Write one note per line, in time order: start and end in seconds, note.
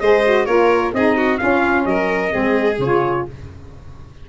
0.00 0.46 G#3
0.00 0.25 G#4
0.00 0.46 C5
0.00 0.46 D#5
0.25 0.47 F#4
0.46 0.93 A#3
0.46 0.93 F4
0.46 0.92 A#4
0.46 0.92 C#5
0.93 1.40 C4
0.93 1.39 D#4
0.93 1.17 G#4
0.93 1.38 D#5
1.17 1.40 F#4
1.38 2.30 C#4
1.38 1.85 C#4
1.38 1.88 F4
1.38 1.84 F5
1.85 2.32 F#3
1.85 2.33 A#4
1.85 2.78 D#5
2.30 2.78 G#3
2.30 2.76 C4
2.30 3.26 G#4
2.78 3.25 C#3
2.78 3.29 F4
2.78 3.27 C#5